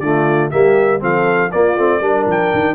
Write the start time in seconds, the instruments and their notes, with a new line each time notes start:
0.00 tuba D3, trombone A3, horn F4, trumpet D5
0.51 tuba G3, trombone A#3, horn G4, trumpet E5
1.00 tuba F3, trombone C4, horn A4, trumpet F5
1.52 trombone A#3, tuba A#3, horn F4, trumpet D5
1.76 tuba A3, trombone C4
2.00 tuba G3, trombone D4, horn A#4
2.27 tuba F3, trumpet G5
2.54 tuba D#3